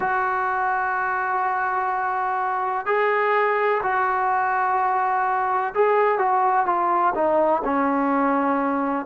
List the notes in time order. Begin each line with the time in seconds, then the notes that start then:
0.00 F#4
2.86 G#4
3.83 F#4
5.74 G#4
6.18 F#4
6.65 F4
7.14 D#4
7.64 C#4